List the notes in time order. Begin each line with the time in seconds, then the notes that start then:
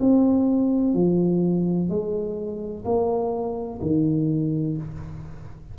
0.00 C4
0.94 F3
1.89 G#3
2.85 A#3
3.82 D#3